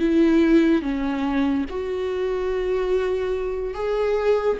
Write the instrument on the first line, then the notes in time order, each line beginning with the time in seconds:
viola
0.00 E4
0.82 C#4
1.70 F#4
3.75 G#4